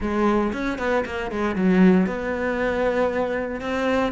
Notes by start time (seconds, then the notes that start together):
0.00 G#3
0.52 C#4
0.78 B3
1.05 A#3
1.31 G#3
1.55 F#3
2.06 B3
3.60 C4